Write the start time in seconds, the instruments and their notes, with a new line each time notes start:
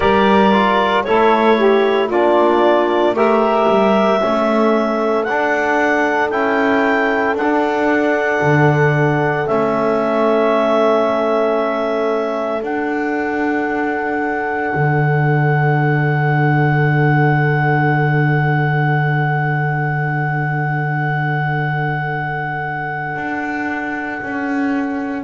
0.00 double bass G3, trombone G4, saxophone A#4, clarinet D5
0.52 trombone F4
1.03 double bass A3, trombone E4, saxophone A4, clarinet C#5
1.57 saxophone G4
2.07 double bass A#3, trombone D4, saxophone F4, clarinet D5
3.13 double bass A3, trombone G4, saxophone A#4, clarinet E5
3.68 double bass G3
4.21 double bass A3, trombone C#4, saxophone A4
5.24 double bass D4, trombone D4, clarinet F#5
6.30 double bass C#4, trombone E4, clarinet G5
7.34 double bass D4, clarinet F#5
7.41 trombone D4
8.41 double bass D3
9.46 double bass A3, trombone C#4, clarinet E5
12.61 trombone D4, double bass D4, clarinet F#5
14.74 double bass D3
23.16 double bass D4
24.21 double bass C#4